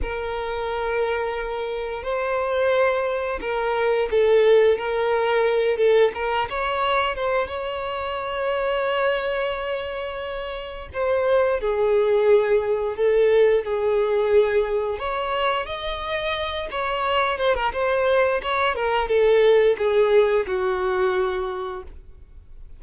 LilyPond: \new Staff \with { instrumentName = "violin" } { \time 4/4 \tempo 4 = 88 ais'2. c''4~ | c''4 ais'4 a'4 ais'4~ | ais'8 a'8 ais'8 cis''4 c''8 cis''4~ | cis''1 |
c''4 gis'2 a'4 | gis'2 cis''4 dis''4~ | dis''8 cis''4 c''16 ais'16 c''4 cis''8 ais'8 | a'4 gis'4 fis'2 | }